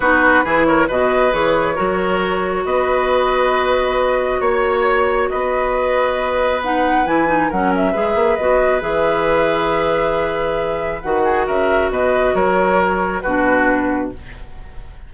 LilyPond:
<<
  \new Staff \with { instrumentName = "flute" } { \time 4/4 \tempo 4 = 136 b'4. cis''8 dis''4 cis''4~ | cis''2 dis''2~ | dis''2 cis''2 | dis''2. fis''4 |
gis''4 fis''8 e''4. dis''4 | e''1~ | e''4 fis''4 e''4 dis''4 | cis''2 b'2 | }
  \new Staff \with { instrumentName = "oboe" } { \time 4/4 fis'4 gis'8 ais'8 b'2 | ais'2 b'2~ | b'2 cis''2 | b'1~ |
b'4 ais'4 b'2~ | b'1~ | b'4. gis'8 ais'4 b'4 | ais'2 fis'2 | }
  \new Staff \with { instrumentName = "clarinet" } { \time 4/4 dis'4 e'4 fis'4 gis'4 | fis'1~ | fis'1~ | fis'2. dis'4 |
e'8 dis'8 cis'4 gis'4 fis'4 | gis'1~ | gis'4 fis'2.~ | fis'2 d'2 | }
  \new Staff \with { instrumentName = "bassoon" } { \time 4/4 b4 e4 b,4 e4 | fis2 b2~ | b2 ais2 | b1 |
e4 fis4 gis8 ais8 b4 | e1~ | e4 dis4 cis4 b,4 | fis2 b,2 | }
>>